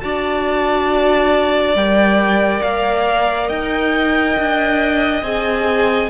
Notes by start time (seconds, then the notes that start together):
0.00 D4 F#4 D5 A5
1.74 G3 A#4 G5
2.62 A#3 F5
3.48 D#4 D#5 G5
4.37 D4
5.22 C4 G#4 G#5